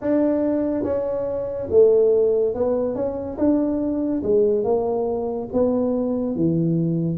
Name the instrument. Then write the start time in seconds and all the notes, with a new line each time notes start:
tuba
0.01 D4
0.83 C#4
1.70 A3
2.54 B3
2.95 C#4
3.38 D4
4.23 G#3
4.64 A#3
5.52 B3
6.35 E3